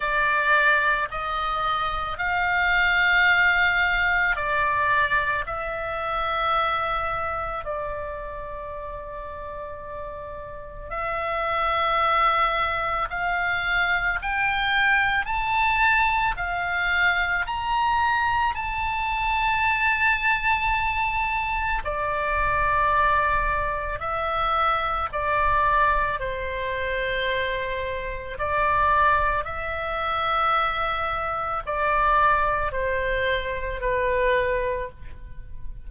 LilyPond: \new Staff \with { instrumentName = "oboe" } { \time 4/4 \tempo 4 = 55 d''4 dis''4 f''2 | d''4 e''2 d''4~ | d''2 e''2 | f''4 g''4 a''4 f''4 |
ais''4 a''2. | d''2 e''4 d''4 | c''2 d''4 e''4~ | e''4 d''4 c''4 b'4 | }